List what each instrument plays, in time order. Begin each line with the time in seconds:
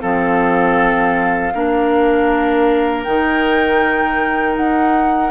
0.00 bassoon F3, clarinet C4, oboe A4, flute F5
1.55 bassoon A#3, clarinet D4, oboe A#4
3.04 bassoon D#3, clarinet D#4, flute G5
4.57 bassoon D#4, flute F#5